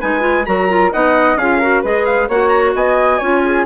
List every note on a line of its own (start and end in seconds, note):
0.00 0.47 G#3
0.00 0.20 D#4
0.00 0.46 B4
0.00 0.46 G#5
0.20 0.43 F4
0.46 0.93 F#3
0.46 0.69 F#4
0.46 0.93 A#4
0.46 0.92 A#5
0.69 0.92 F4
0.92 1.36 B3
0.92 1.38 D#4
0.92 1.38 D#5
0.92 1.37 F#5
1.36 1.82 C#4
1.36 1.62 F4
1.36 1.59 G#4
1.36 1.83 F5
1.59 1.84 F#4
1.59 1.82 A#4
1.82 2.29 G#3
1.82 2.30 G#4
1.82 2.28 B4
1.82 2.05 D#5
2.05 2.28 F5
2.28 2.74 A#3
2.28 3.21 F#4
2.28 2.74 C#5
2.28 2.49 F#5
2.49 2.72 A#5
2.74 3.20 B3
2.74 3.19 D#5
2.74 3.66 G#5
3.19 3.66 C#4
3.19 3.66 F4
3.19 3.42 C#5
3.45 3.66 G#4